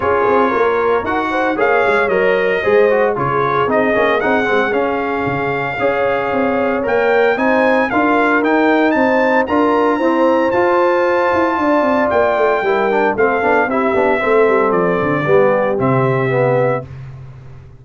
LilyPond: <<
  \new Staff \with { instrumentName = "trumpet" } { \time 4/4 \tempo 4 = 114 cis''2 fis''4 f''4 | dis''2 cis''4 dis''4 | fis''4 f''2.~ | f''4 g''4 gis''4 f''4 |
g''4 a''4 ais''2 | a''2. g''4~ | g''4 f''4 e''2 | d''2 e''2 | }
  \new Staff \with { instrumentName = "horn" } { \time 4/4 gis'4 ais'4. c''8 cis''4~ | cis''4 c''4 gis'2~ | gis'2. cis''4~ | cis''2 c''4 ais'4~ |
ais'4 c''4 ais'4 c''4~ | c''2 d''2 | ais'4 a'4 g'4 a'4~ | a'4 g'2. | }
  \new Staff \with { instrumentName = "trombone" } { \time 4/4 f'2 fis'4 gis'4 | ais'4 gis'8 fis'8 f'4 dis'8 cis'8 | dis'8 c'8 cis'2 gis'4~ | gis'4 ais'4 dis'4 f'4 |
dis'2 f'4 c'4 | f'1 | e'8 d'8 c'8 d'8 e'8 d'8 c'4~ | c'4 b4 c'4 b4 | }
  \new Staff \with { instrumentName = "tuba" } { \time 4/4 cis'8 c'8 ais4 dis'4 ais8 gis8 | fis4 gis4 cis4 c'8 ais8 | c'8 gis8 cis'4 cis4 cis'4 | c'4 ais4 c'4 d'4 |
dis'4 c'4 d'4 e'4 | f'4. e'8 d'8 c'8 ais8 a8 | g4 a8 b8 c'8 b8 a8 g8 | f8 d8 g4 c2 | }
>>